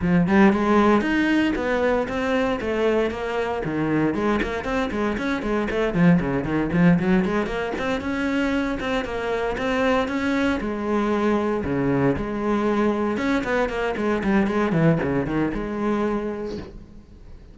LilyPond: \new Staff \with { instrumentName = "cello" } { \time 4/4 \tempo 4 = 116 f8 g8 gis4 dis'4 b4 | c'4 a4 ais4 dis4 | gis8 ais8 c'8 gis8 cis'8 gis8 a8 f8 | cis8 dis8 f8 fis8 gis8 ais8 c'8 cis'8~ |
cis'4 c'8 ais4 c'4 cis'8~ | cis'8 gis2 cis4 gis8~ | gis4. cis'8 b8 ais8 gis8 g8 | gis8 e8 cis8 dis8 gis2 | }